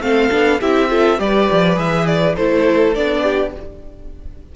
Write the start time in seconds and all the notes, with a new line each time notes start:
0.00 A3 C4 A4 F5
0.30 B3 D4
0.61 C4 E4 G4 E5
0.89 F4 A4
1.18 G3 G4 B4 D5
1.51 F3
1.75 E3 G#4 E5
2.06 D5
2.35 A3 E4 A4 C5
2.94 B3 D4 D5
3.22 G4